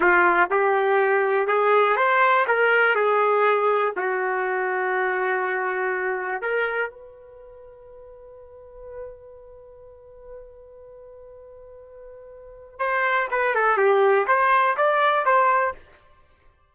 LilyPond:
\new Staff \with { instrumentName = "trumpet" } { \time 4/4 \tempo 4 = 122 f'4 g'2 gis'4 | c''4 ais'4 gis'2 | fis'1~ | fis'4 ais'4 b'2~ |
b'1~ | b'1~ | b'2 c''4 b'8 a'8 | g'4 c''4 d''4 c''4 | }